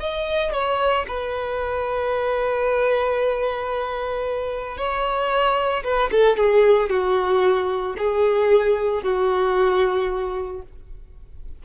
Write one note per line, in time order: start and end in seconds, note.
0.00 0.53 D#5
0.53 1.06 C#5
1.08 4.78 B4
4.78 5.84 C#5
5.84 6.11 B4
6.12 6.37 A4
6.37 6.90 G#4
6.90 7.96 F#4
7.98 9.04 G#4
9.04 10.63 F#4